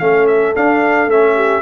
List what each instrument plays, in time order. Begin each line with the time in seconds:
0.00 tuba A3, trombone C#4, horn A4, trumpet F5
0.28 trumpet E5
0.55 trombone D4, tuba D4, trumpet F5
1.07 tuba A3, trombone C#4, trumpet E5
1.36 horn G4